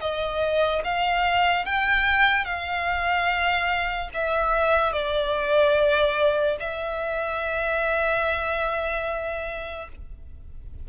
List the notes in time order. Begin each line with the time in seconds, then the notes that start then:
0.00 D#5
0.84 F5
1.65 G5
2.45 F5
4.14 E5
4.92 D5
6.60 E5